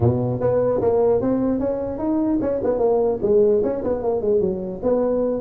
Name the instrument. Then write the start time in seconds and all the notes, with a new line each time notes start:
tuba
0.00 B2
0.40 B3
0.81 A#3
1.21 C4
1.59 C#4
1.98 D#4
2.41 C#4
2.63 B3
2.79 A#3
3.22 G#3
3.63 C#4
3.83 B3
4.03 A#3
4.21 G#3
4.40 F#3
4.82 B3